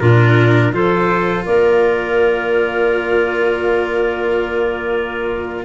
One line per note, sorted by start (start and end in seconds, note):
0.00 0.73 A#2
0.00 0.73 D4
0.00 0.73 F4
0.00 0.73 A#4
0.73 1.46 F3
0.73 5.65 F4
0.73 1.45 A4
0.73 1.46 C5
1.45 5.65 A#3
1.45 5.65 A#4
1.45 5.65 D5